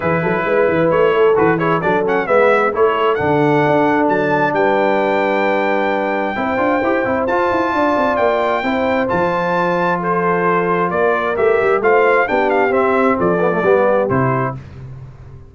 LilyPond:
<<
  \new Staff \with { instrumentName = "trumpet" } { \time 4/4 \tempo 4 = 132 b'2 cis''4 b'8 cis''8 | d''8 fis''8 e''4 cis''4 fis''4~ | fis''4 a''4 g''2~ | g''1 |
a''2 g''2 | a''2 c''2 | d''4 e''4 f''4 g''8 f''8 | e''4 d''2 c''4 | }
  \new Staff \with { instrumentName = "horn" } { \time 4/4 gis'8 a'8 b'4. a'4 gis'8 | a'4 b'4 a'2~ | a'2 b'2~ | b'2 c''2~ |
c''4 d''2 c''4~ | c''2 a'2 | ais'2 c''4 g'4~ | g'4 a'4 g'2 | }
  \new Staff \with { instrumentName = "trombone" } { \time 4/4 e'2. fis'8 e'8 | d'8 cis'8 b4 e'4 d'4~ | d'1~ | d'2 e'8 f'8 g'8 e'8 |
f'2. e'4 | f'1~ | f'4 g'4 f'4 d'4 | c'4. b16 a16 b4 e'4 | }
  \new Staff \with { instrumentName = "tuba" } { \time 4/4 e8 fis8 gis8 e8 a4 e4 | fis4 gis4 a4 d4 | d'4 fis4 g2~ | g2 c'8 d'8 e'8 c'8 |
f'8 e'8 d'8 c'8 ais4 c'4 | f1 | ais4 a8 g8 a4 b4 | c'4 f4 g4 c4 | }
>>